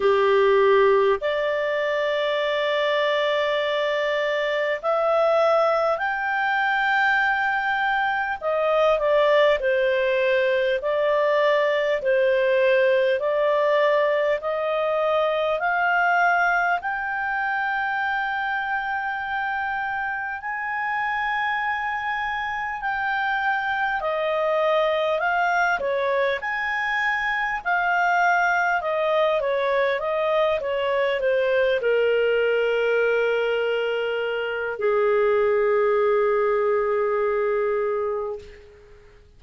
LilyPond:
\new Staff \with { instrumentName = "clarinet" } { \time 4/4 \tempo 4 = 50 g'4 d''2. | e''4 g''2 dis''8 d''8 | c''4 d''4 c''4 d''4 | dis''4 f''4 g''2~ |
g''4 gis''2 g''4 | dis''4 f''8 cis''8 gis''4 f''4 | dis''8 cis''8 dis''8 cis''8 c''8 ais'4.~ | ais'4 gis'2. | }